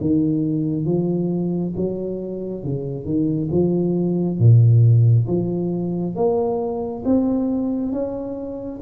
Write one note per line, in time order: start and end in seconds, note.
0.00 0.85 D#3
0.85 1.73 F3
1.76 2.63 F#3
2.63 3.04 C#3
3.04 3.49 D#3
3.51 4.38 F3
4.38 5.26 A#2
5.27 6.15 F3
6.15 7.03 A#3
7.04 7.92 C4
7.92 8.80 C#4